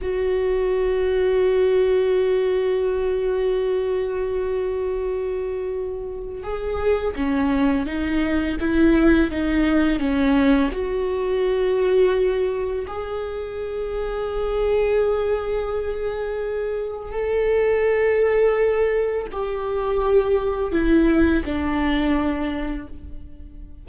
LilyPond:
\new Staff \with { instrumentName = "viola" } { \time 4/4 \tempo 4 = 84 fis'1~ | fis'1~ | fis'4 gis'4 cis'4 dis'4 | e'4 dis'4 cis'4 fis'4~ |
fis'2 gis'2~ | gis'1 | a'2. g'4~ | g'4 e'4 d'2 | }